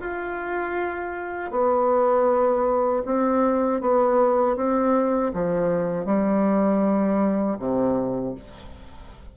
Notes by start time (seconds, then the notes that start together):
0.00 F4
1.51 B3
3.05 C4
3.80 B3
4.56 C4
5.33 F3
6.05 G3
7.59 C3